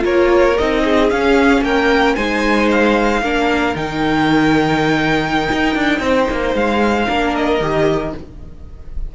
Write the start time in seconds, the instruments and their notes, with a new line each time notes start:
0.00 cello A#3, viola F4, violin A#4 C#5
0.57 cello C4, viola D#4, violin D#5
0.84 violin G#4
1.10 viola C#4, cello C#4, violin F5
1.61 cello A#3, violin A#4 G5
2.15 cello G#3, viola D#4, violin C5 G#5
2.71 violin F5
3.22 cello A#3, viola D4, violin A#4
3.75 cello D#3, viola D#4, violin G5
5.51 cello D#4
5.75 cello D4
6.00 cello C4, violin C5
6.31 cello A#3
6.54 cello G#3, violin F5
7.06 cello A#3, viola D4, violin A#4
7.35 violin D#5
7.60 cello D#3, viola G4